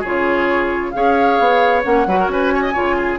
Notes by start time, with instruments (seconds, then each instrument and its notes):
0.00 bassoon C#3, clarinet F4, oboe G#4, flute C#5
0.91 bassoon C#4, clarinet G#4, oboe C#5, flute F5
1.39 bassoon B3
1.83 bassoon A#3, clarinet C#4, flute F#5
2.07 bassoon F#3, clarinet F#4, oboe B4
2.20 oboe A#4
2.28 bassoon C#4, oboe B4, flute G#5
2.54 oboe C#5
2.62 oboe D#5
2.73 bassoon C#3, clarinet F4, oboe C#5
2.96 oboe G#4